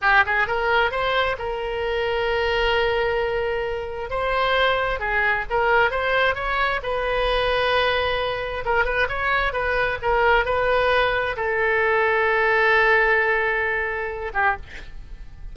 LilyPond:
\new Staff \with { instrumentName = "oboe" } { \time 4/4 \tempo 4 = 132 g'8 gis'8 ais'4 c''4 ais'4~ | ais'1~ | ais'4 c''2 gis'4 | ais'4 c''4 cis''4 b'4~ |
b'2. ais'8 b'8 | cis''4 b'4 ais'4 b'4~ | b'4 a'2.~ | a'2.~ a'8 g'8 | }